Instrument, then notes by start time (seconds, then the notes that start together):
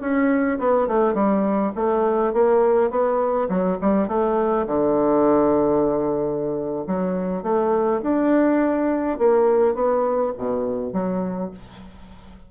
bassoon
0.00 C#4
0.59 B3
0.87 A3
1.14 G3
1.75 A3
2.33 A#3
2.90 B3
3.48 F#3
3.81 G3
4.08 A3
4.66 D3
6.87 F#3
7.43 A3
8.02 D4
9.18 A#3
9.74 B3
10.37 B2
10.93 F#3